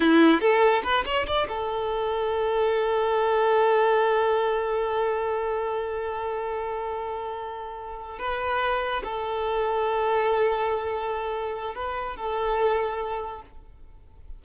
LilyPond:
\new Staff \with { instrumentName = "violin" } { \time 4/4 \tempo 4 = 143 e'4 a'4 b'8 cis''8 d''8 a'8~ | a'1~ | a'1~ | a'1~ |
a'2.~ a'8 b'8~ | b'4. a'2~ a'8~ | a'1 | b'4 a'2. | }